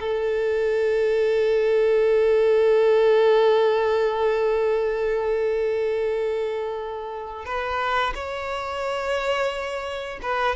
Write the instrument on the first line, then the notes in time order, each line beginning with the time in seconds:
violin
0.00 A4
7.45 B4
8.15 C#5
10.22 B4